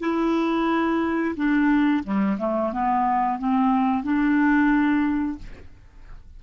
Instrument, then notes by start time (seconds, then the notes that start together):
clarinet
0.00 E4
1.36 D4
2.04 G3
2.39 A3
2.73 B3
3.39 C4
4.03 D4